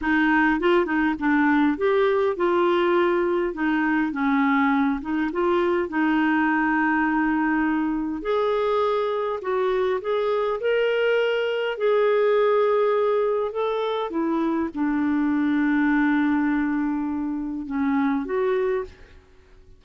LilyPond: \new Staff \with { instrumentName = "clarinet" } { \time 4/4 \tempo 4 = 102 dis'4 f'8 dis'8 d'4 g'4 | f'2 dis'4 cis'4~ | cis'8 dis'8 f'4 dis'2~ | dis'2 gis'2 |
fis'4 gis'4 ais'2 | gis'2. a'4 | e'4 d'2.~ | d'2 cis'4 fis'4 | }